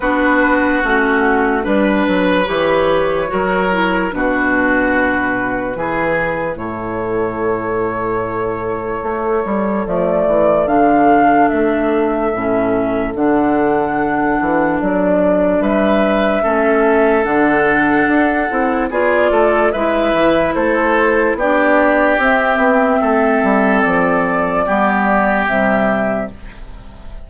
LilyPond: <<
  \new Staff \with { instrumentName = "flute" } { \time 4/4 \tempo 4 = 73 b'4 fis'4 b'4 cis''4~ | cis''4 b'2. | cis''1 | d''4 f''4 e''2 |
fis''2 d''4 e''4~ | e''4 fis''2 d''4 | e''4 c''4 d''4 e''4~ | e''4 d''2 e''4 | }
  \new Staff \with { instrumentName = "oboe" } { \time 4/4 fis'2 b'2 | ais'4 fis'2 gis'4 | a'1~ | a'1~ |
a'2. b'4 | a'2. gis'8 a'8 | b'4 a'4 g'2 | a'2 g'2 | }
  \new Staff \with { instrumentName = "clarinet" } { \time 4/4 d'4 cis'4 d'4 g'4 | fis'8 e'8 d'2 e'4~ | e'1 | a4 d'2 cis'4 |
d'1 | cis'4 d'4. e'8 f'4 | e'2 d'4 c'4~ | c'2 b4 g4 | }
  \new Staff \with { instrumentName = "bassoon" } { \time 4/4 b4 a4 g8 fis8 e4 | fis4 b,2 e4 | a,2. a8 g8 | f8 e8 d4 a4 a,4 |
d4. e8 fis4 g4 | a4 d4 d'8 c'8 b8 a8 | gis8 e8 a4 b4 c'8 b8 | a8 g8 f4 g4 c4 | }
>>